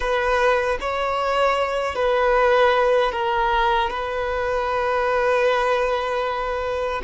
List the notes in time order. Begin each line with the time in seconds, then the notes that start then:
0.00 B4
0.80 C#5
1.95 B4
3.12 A#4
3.90 B4